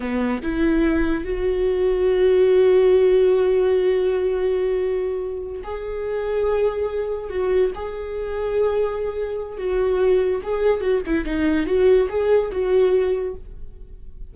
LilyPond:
\new Staff \with { instrumentName = "viola" } { \time 4/4 \tempo 4 = 144 b4 e'2 fis'4~ | fis'1~ | fis'1~ | fis'4. gis'2~ gis'8~ |
gis'4. fis'4 gis'4.~ | gis'2. fis'4~ | fis'4 gis'4 fis'8 e'8 dis'4 | fis'4 gis'4 fis'2 | }